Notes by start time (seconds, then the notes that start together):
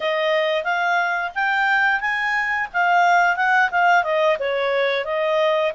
0.00 D#5
0.64 F5
1.34 G5
2.00 G#5
2.73 F5
3.36 F#5
3.71 F5
4.03 D#5
4.39 C#5
5.04 D#5